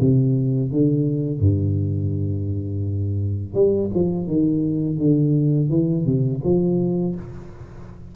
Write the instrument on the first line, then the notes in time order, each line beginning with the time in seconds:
tuba
0.00 C3
0.71 D3
1.40 G2
3.54 G3
3.94 F3
4.27 D#3
4.98 D3
5.69 E3
6.05 C3
6.44 F3